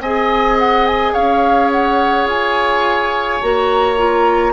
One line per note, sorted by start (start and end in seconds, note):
0.00 1.13 C4
0.00 3.42 G#4
0.00 1.13 D#5
0.00 0.58 G#5
0.59 0.87 F#5
0.87 1.14 G#5
1.13 2.27 C#4
1.13 4.53 C#5
1.13 1.71 F5
1.72 2.28 F#5
2.27 3.40 F4
2.27 3.42 G#5
3.42 4.53 A#3
3.42 3.97 F#4
3.42 4.53 A#5
3.97 4.53 F4